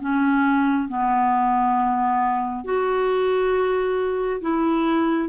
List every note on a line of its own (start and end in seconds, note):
0.00 0.88 C#4
0.88 2.64 B3
2.64 4.40 F#4
4.41 5.29 E4